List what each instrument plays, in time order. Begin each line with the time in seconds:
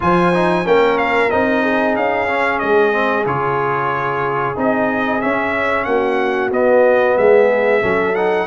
0.00 tuba F3, trombone F4, horn C5, trumpet G#5
0.34 trombone D#4
0.64 tuba A#3, trombone C#4, horn A#4, trumpet G5
0.97 trumpet F5
1.30 tuba C4, trombone D#4, trumpet D#5
1.62 horn G#4
1.95 tuba C#4, trumpet F5
2.27 trombone C#4
2.59 tuba G#3, trumpet D#5
2.92 trombone C4
3.25 tuba C#3, trombone F4, trumpet C#5
4.55 tuba C4, trombone D#4, trumpet D#5
5.21 trombone C#4, tuba C#4, trumpet E5
5.84 tuba A#3, horn F#4, trumpet F#5
6.50 tuba B3, trombone B3, trumpet D#5
7.17 tuba G#3, horn G#4, trumpet E5
7.81 tuba F#3, trombone C#4, horn A4
8.15 trombone D#4, trumpet F#5